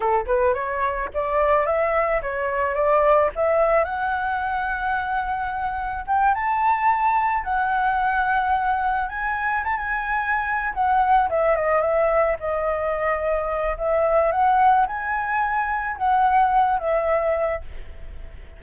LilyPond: \new Staff \with { instrumentName = "flute" } { \time 4/4 \tempo 4 = 109 a'8 b'8 cis''4 d''4 e''4 | cis''4 d''4 e''4 fis''4~ | fis''2. g''8 a''8~ | a''4. fis''2~ fis''8~ |
fis''8 gis''4 a''16 gis''4.~ gis''16 fis''8~ | fis''8 e''8 dis''8 e''4 dis''4.~ | dis''4 e''4 fis''4 gis''4~ | gis''4 fis''4. e''4. | }